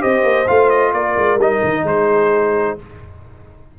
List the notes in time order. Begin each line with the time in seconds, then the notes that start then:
0.00 C4 G4 C5 D#5
0.24 A#3
0.48 A3 F4 F5
0.70 D#5
0.93 A#3 A#4 D5
1.17 G#3
1.36 G3 D#4 D#5
1.64 D#3
1.83 G#3 G#4 C5